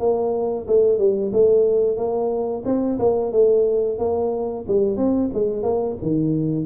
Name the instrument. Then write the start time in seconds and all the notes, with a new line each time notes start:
tuba
0.00 A#3
0.68 A3
0.98 G3
1.33 A3
1.97 A#3
2.65 C4
2.99 A#3
3.32 A3
3.99 A#3
4.68 G3
4.97 C4
5.34 G#3
5.63 A#3
6.02 D#3